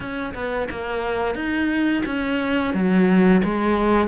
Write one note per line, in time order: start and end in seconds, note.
0.00 0.34 C#4
0.34 0.68 B3
0.71 1.35 A#3
1.35 2.03 D#4
2.05 2.73 C#4
2.73 3.42 F#3
3.44 4.07 G#3